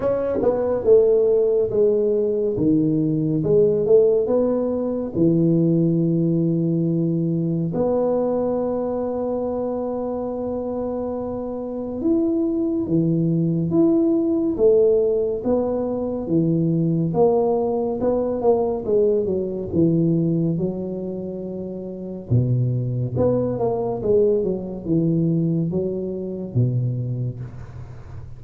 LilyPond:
\new Staff \with { instrumentName = "tuba" } { \time 4/4 \tempo 4 = 70 cis'8 b8 a4 gis4 dis4 | gis8 a8 b4 e2~ | e4 b2.~ | b2 e'4 e4 |
e'4 a4 b4 e4 | ais4 b8 ais8 gis8 fis8 e4 | fis2 b,4 b8 ais8 | gis8 fis8 e4 fis4 b,4 | }